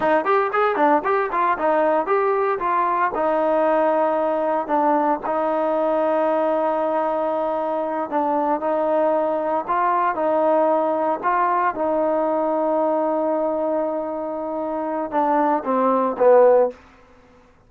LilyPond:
\new Staff \with { instrumentName = "trombone" } { \time 4/4 \tempo 4 = 115 dis'8 g'8 gis'8 d'8 g'8 f'8 dis'4 | g'4 f'4 dis'2~ | dis'4 d'4 dis'2~ | dis'2.~ dis'8 d'8~ |
d'8 dis'2 f'4 dis'8~ | dis'4. f'4 dis'4.~ | dis'1~ | dis'4 d'4 c'4 b4 | }